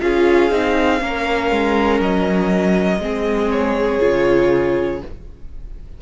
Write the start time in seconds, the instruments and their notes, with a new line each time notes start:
0.00 cello C#4, viola F4, violin G#4 F5
0.51 cello C4, viola D#4
1.00 cello A#3, viola C#4, violin A#4
1.51 cello G#3
2.00 cello F#3, violin D#5
2.99 cello G#3, viola C4, violin G#4
3.51 violin C#5
4.00 cello C#3, viola F4